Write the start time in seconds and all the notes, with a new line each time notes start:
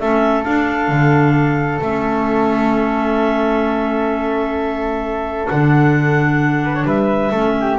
0.00 A3 C#4 A4 E5
0.44 D4 F5
0.89 D3
1.82 A3 C#4 E5
5.48 D3 D4 F#5
6.64 B4
6.75 C#5
6.85 G3 B4 E5
7.31 A3 C#4 A4
7.60 G4